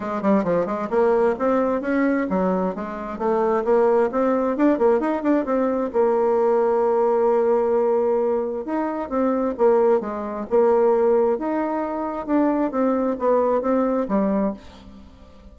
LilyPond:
\new Staff \with { instrumentName = "bassoon" } { \time 4/4 \tempo 4 = 132 gis8 g8 f8 gis8 ais4 c'4 | cis'4 fis4 gis4 a4 | ais4 c'4 d'8 ais8 dis'8 d'8 | c'4 ais2.~ |
ais2. dis'4 | c'4 ais4 gis4 ais4~ | ais4 dis'2 d'4 | c'4 b4 c'4 g4 | }